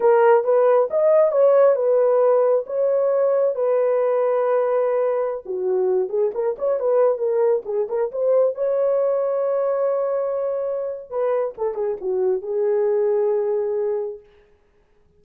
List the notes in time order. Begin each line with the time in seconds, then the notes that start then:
0.00 A#4
0.44 B4
0.90 D#5
1.31 C#5
1.75 B4
2.66 C#5
3.55 B4
5.45 F#4
6.09 G#4
6.34 A#4
6.58 C#5
6.79 B4
7.18 A#4
7.65 G#4
7.88 A#4
8.11 C5
8.54 C#5
11.09 B4
11.57 A4
11.74 G#4
12.00 F#4
12.42 G#4